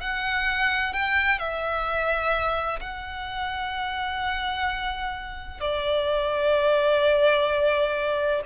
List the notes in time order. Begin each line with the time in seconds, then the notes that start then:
0.00 F#5
0.92 G5
1.38 E5
2.80 F#5
5.60 D5